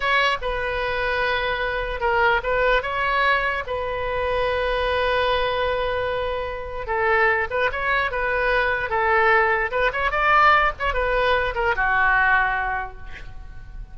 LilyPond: \new Staff \with { instrumentName = "oboe" } { \time 4/4 \tempo 4 = 148 cis''4 b'2.~ | b'4 ais'4 b'4 cis''4~ | cis''4 b'2.~ | b'1~ |
b'4 a'4. b'8 cis''4 | b'2 a'2 | b'8 cis''8 d''4. cis''8 b'4~ | b'8 ais'8 fis'2. | }